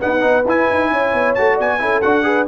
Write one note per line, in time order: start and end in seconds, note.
0.00 0.20 B3
0.00 0.22 D#4
0.00 0.91 B4
0.00 0.46 F#5
0.20 0.45 B3
0.20 0.43 D#4
0.45 0.67 E4
0.45 1.37 E4
0.45 1.34 G#5
0.70 0.91 D#4
0.91 1.13 C#4
0.91 1.55 C#5
1.13 1.36 B3
1.34 1.59 A3
1.34 1.79 F#4
1.34 1.57 A5
1.55 1.80 B3
1.55 1.77 D5
1.55 2.01 G#5
1.79 2.03 C#4
1.79 2.01 E4
1.79 2.25 A4
2.01 2.47 D4
2.01 2.23 F#4
2.01 2.47 F#5
2.23 2.45 G#4
2.23 2.47 B4